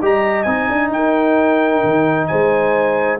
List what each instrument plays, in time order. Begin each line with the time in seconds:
0.00 tuba G3, trombone G4, horn D#5, trumpet A#5
0.43 tuba C4, trombone D#4, trumpet G#5
0.69 tuba D4
0.91 tuba D#4, horn A#4, trumpet G5
1.83 tuba D#3
2.27 tuba G#3, horn C5, trumpet G#5